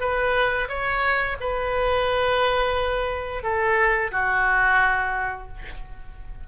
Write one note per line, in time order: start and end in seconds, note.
0.00 0.68 B4
0.68 1.36 C#5
1.40 3.42 B4
3.42 4.11 A4
4.11 5.47 F#4